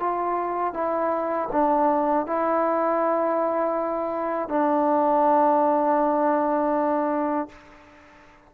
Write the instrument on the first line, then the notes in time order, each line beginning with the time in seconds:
trombone
0.00 F4
0.74 E4
1.52 D4
2.27 E4
4.49 D4